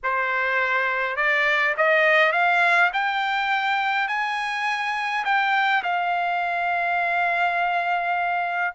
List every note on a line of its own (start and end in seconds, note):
0.03 1.16 C5
1.16 1.74 D5
1.77 2.32 D#5
2.32 2.90 F5
2.93 4.08 G5
4.08 5.24 G#5
5.24 5.83 G5
5.83 8.74 F5